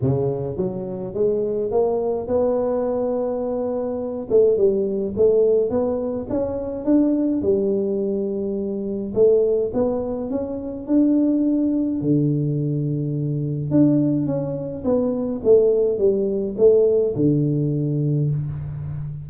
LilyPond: \new Staff \with { instrumentName = "tuba" } { \time 4/4 \tempo 4 = 105 cis4 fis4 gis4 ais4 | b2.~ b8 a8 | g4 a4 b4 cis'4 | d'4 g2. |
a4 b4 cis'4 d'4~ | d'4 d2. | d'4 cis'4 b4 a4 | g4 a4 d2 | }